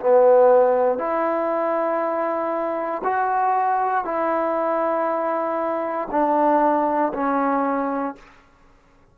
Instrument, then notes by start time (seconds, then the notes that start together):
trombone
0.00 B3
0.99 E4
3.04 F#4
4.05 E4
6.12 D4
7.14 C#4